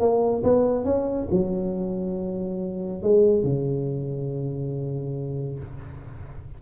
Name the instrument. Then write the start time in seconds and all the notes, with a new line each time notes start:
tuba
0.00 A#3
0.43 B3
0.85 C#4
1.31 F#3
3.03 G#3
3.43 C#3